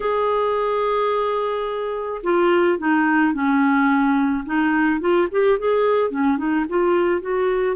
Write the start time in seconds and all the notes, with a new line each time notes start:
0.00 G#4
2.23 F4
2.78 D#4
3.33 C#4
4.45 D#4
5.00 F4
5.31 G4
5.58 G#4
6.10 C#4
6.37 D#4
6.69 F4
7.21 F#4